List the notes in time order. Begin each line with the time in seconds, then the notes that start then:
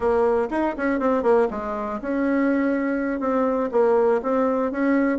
0.00 A#3
0.50 D#4
0.77 C#4
0.99 C4
1.22 A#3
1.50 G#3
2.01 C#4
3.20 C4
3.71 A#3
4.22 C4
4.71 C#4